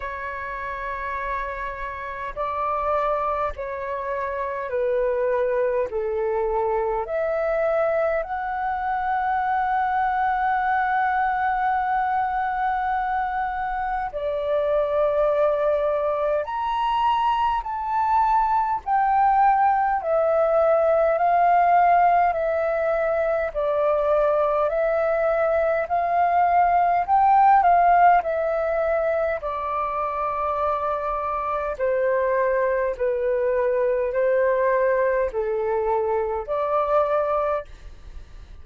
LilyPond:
\new Staff \with { instrumentName = "flute" } { \time 4/4 \tempo 4 = 51 cis''2 d''4 cis''4 | b'4 a'4 e''4 fis''4~ | fis''1 | d''2 ais''4 a''4 |
g''4 e''4 f''4 e''4 | d''4 e''4 f''4 g''8 f''8 | e''4 d''2 c''4 | b'4 c''4 a'4 d''4 | }